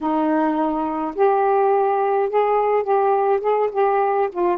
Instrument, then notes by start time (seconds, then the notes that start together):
saxophone
0.00 D#4
1.15 G4
2.29 G#4
2.83 G4
3.41 G#4
3.72 G4
4.31 F4